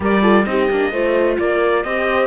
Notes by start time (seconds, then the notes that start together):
0.00 G3 G4 A#4 D5
0.21 F4 A4
0.44 C4 D#4 G4 D#5
0.70 A#3 D4
0.92 A3 F4 C5
1.38 A#3 A#4 D5
1.83 C4 G4 C5 D#5